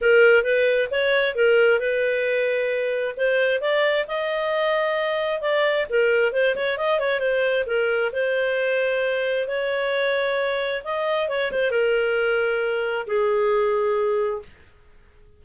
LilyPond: \new Staff \with { instrumentName = "clarinet" } { \time 4/4 \tempo 4 = 133 ais'4 b'4 cis''4 ais'4 | b'2. c''4 | d''4 dis''2. | d''4 ais'4 c''8 cis''8 dis''8 cis''8 |
c''4 ais'4 c''2~ | c''4 cis''2. | dis''4 cis''8 c''8 ais'2~ | ais'4 gis'2. | }